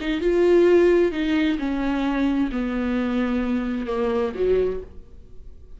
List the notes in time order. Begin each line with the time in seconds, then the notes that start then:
0.00 D#4
0.20 F4
1.12 D#4
1.58 C#4
2.51 B3
3.86 A#3
4.34 F#3